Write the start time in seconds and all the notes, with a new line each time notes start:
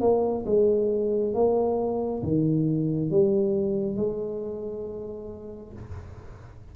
0.00 A#3
0.45 G#3
1.34 A#3
2.23 D#3
3.10 G3
3.96 G#3